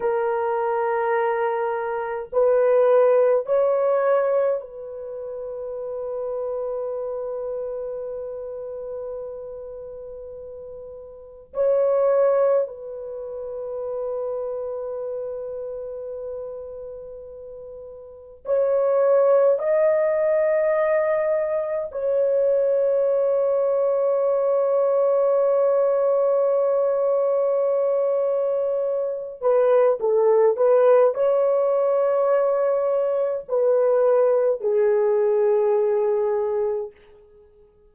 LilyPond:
\new Staff \with { instrumentName = "horn" } { \time 4/4 \tempo 4 = 52 ais'2 b'4 cis''4 | b'1~ | b'2 cis''4 b'4~ | b'1 |
cis''4 dis''2 cis''4~ | cis''1~ | cis''4. b'8 a'8 b'8 cis''4~ | cis''4 b'4 gis'2 | }